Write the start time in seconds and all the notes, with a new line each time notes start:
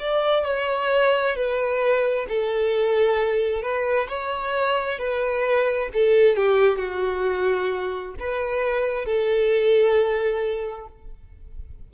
0.00 D5
0.45 C#5
1.36 B4
2.29 A4
3.63 B4
4.09 C#5
4.99 B4
5.94 A4
6.37 G4
6.79 F#4
8.20 B4
9.06 A4